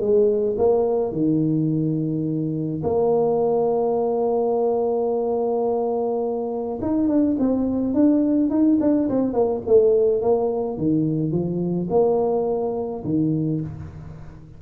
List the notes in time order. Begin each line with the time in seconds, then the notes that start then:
0.00 G#3
0.58 A#3
1.12 D#3
2.83 A#3
6.82 D#4
7.08 D4
7.39 C4
7.94 D4
8.50 D#4
8.80 D4
9.09 C4
9.33 A#3
9.66 A3
10.22 A#3
10.78 D#3
11.32 F3
11.90 A#3
13.04 D#3